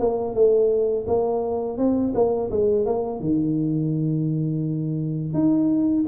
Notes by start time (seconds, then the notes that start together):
0.00 A#3
0.35 A3
1.08 A#3
1.78 C4
2.15 A#3
2.51 G#3
2.86 A#3
3.20 D#3
5.34 D#4